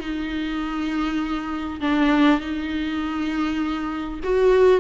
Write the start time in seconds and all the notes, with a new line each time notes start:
0.00 D#4
1.81 D4
2.40 D#4
4.24 F#4